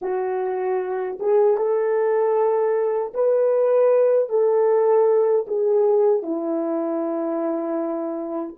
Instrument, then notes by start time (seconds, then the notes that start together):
horn
0.01 F#4
1.19 G#4
1.57 A4
3.14 B4
4.29 A4
5.47 G#4
6.22 E4